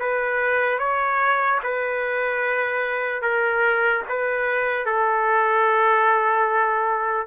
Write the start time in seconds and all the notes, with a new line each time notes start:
0.00 B4
0.79 C#5
1.63 B4
3.22 A#4
4.09 B4
4.86 A4